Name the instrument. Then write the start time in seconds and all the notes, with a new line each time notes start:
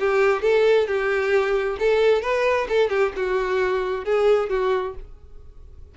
violin
0.00 G4
0.42 A4
0.88 G4
1.79 A4
2.22 B4
2.69 A4
2.90 G4
3.16 F#4
4.05 G#4
4.50 F#4